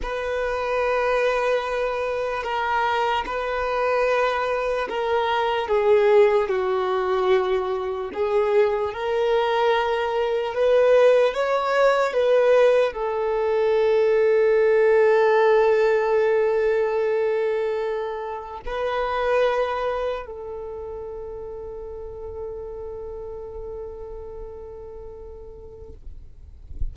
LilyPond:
\new Staff \with { instrumentName = "violin" } { \time 4/4 \tempo 4 = 74 b'2. ais'4 | b'2 ais'4 gis'4 | fis'2 gis'4 ais'4~ | ais'4 b'4 cis''4 b'4 |
a'1~ | a'2. b'4~ | b'4 a'2.~ | a'1 | }